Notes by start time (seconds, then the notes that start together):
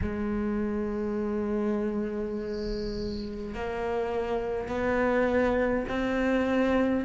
0.01 G#3
3.54 A#3
4.68 B3
5.88 C4